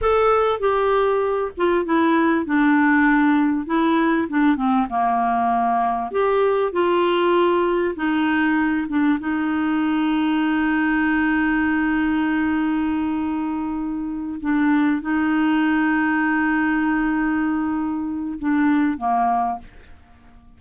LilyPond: \new Staff \with { instrumentName = "clarinet" } { \time 4/4 \tempo 4 = 98 a'4 g'4. f'8 e'4 | d'2 e'4 d'8 c'8 | ais2 g'4 f'4~ | f'4 dis'4. d'8 dis'4~ |
dis'1~ | dis'2.~ dis'8 d'8~ | d'8 dis'2.~ dis'8~ | dis'2 d'4 ais4 | }